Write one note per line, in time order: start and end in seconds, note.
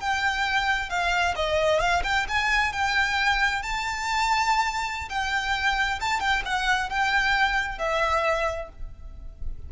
0.00 0.90 G5
0.90 1.35 F5
1.36 1.80 D#5
1.80 2.03 F5
2.04 2.26 G5
2.28 2.72 G#5
2.72 3.62 G5
3.62 5.09 A5
5.09 5.99 G5
6.00 6.20 A5
6.20 6.42 G5
6.45 6.90 F#5
6.90 7.79 G5
7.79 8.69 E5